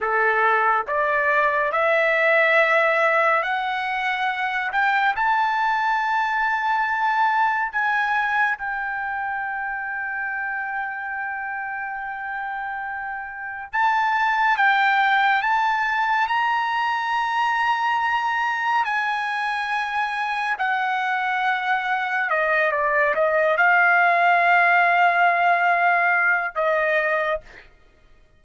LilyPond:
\new Staff \with { instrumentName = "trumpet" } { \time 4/4 \tempo 4 = 70 a'4 d''4 e''2 | fis''4. g''8 a''2~ | a''4 gis''4 g''2~ | g''1 |
a''4 g''4 a''4 ais''4~ | ais''2 gis''2 | fis''2 dis''8 d''8 dis''8 f''8~ | f''2. dis''4 | }